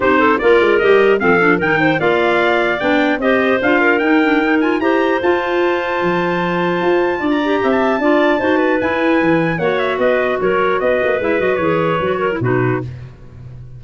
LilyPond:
<<
  \new Staff \with { instrumentName = "trumpet" } { \time 4/4 \tempo 4 = 150 c''4 d''4 dis''4 f''4 | g''4 f''2 g''4 | dis''4 f''4 g''4. gis''8 | ais''4 a''2.~ |
a''2~ a''16 ais''4 a''8.~ | a''2 gis''2 | fis''8 e''8 dis''4 cis''4 dis''4 | e''8 dis''8 cis''2 b'4 | }
  \new Staff \with { instrumentName = "clarinet" } { \time 4/4 g'8 a'8 ais'2 a'4 | ais'8 c''8 d''2. | c''4. ais'2~ ais'8 | c''1~ |
c''2 d''4 e''4 | d''4 c''8 b'2~ b'8 | cis''4 b'4 ais'4 b'4~ | b'2~ b'8 ais'8 fis'4 | }
  \new Staff \with { instrumentName = "clarinet" } { \time 4/4 dis'4 f'4 g'4 c'8 d'8 | dis'4 f'2 d'4 | g'4 f'4 dis'8 d'8 dis'8 f'8 | g'4 f'2.~ |
f'2~ f'8 g'4. | f'4 fis'4 e'2 | fis'1 | e'8 fis'8 gis'4 fis'8. e'16 dis'4 | }
  \new Staff \with { instrumentName = "tuba" } { \time 4/4 c'4 ais8 gis8 g4 f4 | dis4 ais2 b4 | c'4 d'4 dis'2 | e'4 f'2 f4~ |
f4 f'4 d'4 c'4 | d'4 dis'4 e'4 e4 | ais4 b4 fis4 b8 ais8 | gis8 fis8 e4 fis4 b,4 | }
>>